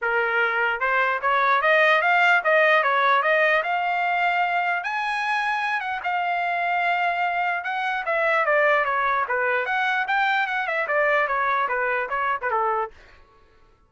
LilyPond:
\new Staff \with { instrumentName = "trumpet" } { \time 4/4 \tempo 4 = 149 ais'2 c''4 cis''4 | dis''4 f''4 dis''4 cis''4 | dis''4 f''2. | gis''2~ gis''8 fis''8 f''4~ |
f''2. fis''4 | e''4 d''4 cis''4 b'4 | fis''4 g''4 fis''8 e''8 d''4 | cis''4 b'4 cis''8. b'16 a'4 | }